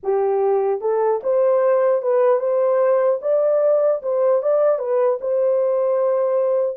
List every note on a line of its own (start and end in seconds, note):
0.03 0.80 G4
0.80 1.20 A4
1.23 2.02 C5
2.02 2.39 B4
2.39 3.19 C5
3.21 4.01 D5
4.02 4.42 C5
4.42 4.79 D5
4.79 5.19 B4
5.20 6.77 C5